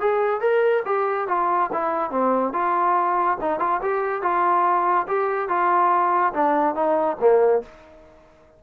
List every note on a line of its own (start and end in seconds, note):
0.00 0.40 G#4
0.40 0.83 A#4
0.85 1.28 G4
1.28 1.70 F4
1.72 2.10 E4
2.10 2.53 C4
2.53 3.37 F4
3.41 3.59 D#4
3.59 3.80 F4
3.81 4.22 G4
4.22 5.06 F4
5.07 5.48 G4
5.48 6.33 F4
6.33 6.75 D4
6.75 7.17 D#4
7.20 7.62 A#3